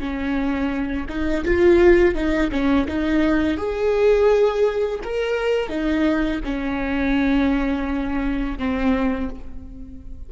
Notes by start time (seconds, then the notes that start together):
0.00 C#4
1.09 D#4
1.45 F4
2.15 D#4
2.52 C#4
2.88 D#4
3.57 G#4
5.04 A#4
5.69 D#4
6.45 C#4
8.59 C4